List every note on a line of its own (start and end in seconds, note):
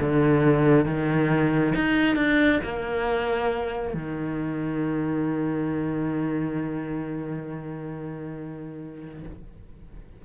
0.00 0.85 D3
0.85 1.74 D#3
1.75 2.16 D#4
2.16 2.60 D4
2.63 3.94 A#3
3.94 9.23 D#3